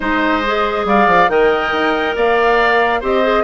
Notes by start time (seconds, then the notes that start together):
0.00 G#3 D#4 C5 D#5
0.47 G#4
0.85 G3 D5 F5
1.06 F3
1.28 D#3 A#4 D#5 G5
1.72 D#4
2.15 A#3 D5 F5
3.00 C4 G4 C5 D#5
3.22 G#4